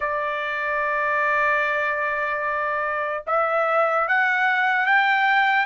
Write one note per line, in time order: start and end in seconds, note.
0.00 3.23 D5
3.27 4.08 E5
4.08 4.86 F#5
4.86 5.65 G5